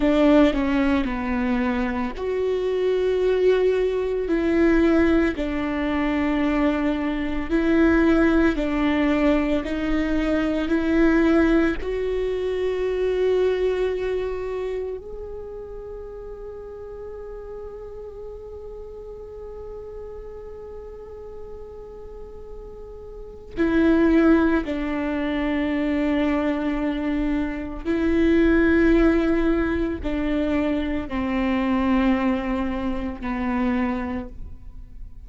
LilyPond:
\new Staff \with { instrumentName = "viola" } { \time 4/4 \tempo 4 = 56 d'8 cis'8 b4 fis'2 | e'4 d'2 e'4 | d'4 dis'4 e'4 fis'4~ | fis'2 gis'2~ |
gis'1~ | gis'2 e'4 d'4~ | d'2 e'2 | d'4 c'2 b4 | }